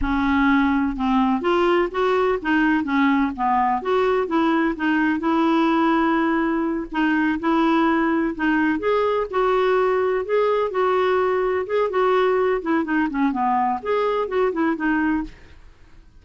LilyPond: \new Staff \with { instrumentName = "clarinet" } { \time 4/4 \tempo 4 = 126 cis'2 c'4 f'4 | fis'4 dis'4 cis'4 b4 | fis'4 e'4 dis'4 e'4~ | e'2~ e'8 dis'4 e'8~ |
e'4. dis'4 gis'4 fis'8~ | fis'4. gis'4 fis'4.~ | fis'8 gis'8 fis'4. e'8 dis'8 cis'8 | b4 gis'4 fis'8 e'8 dis'4 | }